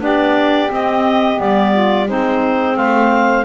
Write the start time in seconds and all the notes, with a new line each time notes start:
0.00 B3 D4 G4 D5
0.70 C4 D#5
1.37 G3 B3 D5
1.73 F4
2.07 G#3 C4 D#4 C5
2.77 A3 C5 F5